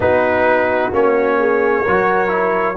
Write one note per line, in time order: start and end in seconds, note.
0.00 0.90 B3
0.00 0.92 D#4
0.00 1.38 F#4
0.00 0.93 B4
0.92 1.85 A#3
0.92 1.84 C#4
0.92 2.77 C#5
1.38 1.82 G#4
1.82 2.77 F#3
1.82 2.28 F#4
1.82 2.75 A#4
2.28 2.74 E4